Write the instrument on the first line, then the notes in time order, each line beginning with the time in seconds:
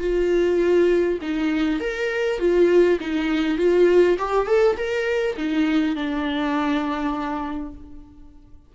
viola
0.00 F4
1.22 D#4
1.80 A#4
2.39 F4
3.00 D#4
3.58 F4
4.18 G4
4.47 A4
4.77 A#4
5.37 D#4
5.96 D4